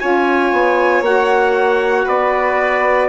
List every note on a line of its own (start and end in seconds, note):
0.00 0.53 C#4
0.00 1.04 F4
0.00 2.05 C#5
0.00 1.03 G#5
0.53 1.02 B3
1.02 2.05 A#3
1.02 3.09 F#4
1.02 2.08 F#5
2.05 3.09 B3
2.05 3.09 B4
2.05 3.09 D5